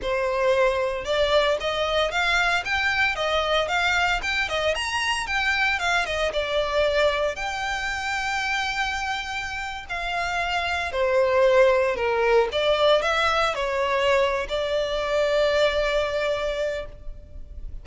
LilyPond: \new Staff \with { instrumentName = "violin" } { \time 4/4 \tempo 4 = 114 c''2 d''4 dis''4 | f''4 g''4 dis''4 f''4 | g''8 dis''8 ais''4 g''4 f''8 dis''8 | d''2 g''2~ |
g''2~ g''8. f''4~ f''16~ | f''8. c''2 ais'4 d''16~ | d''8. e''4 cis''4.~ cis''16 d''8~ | d''1 | }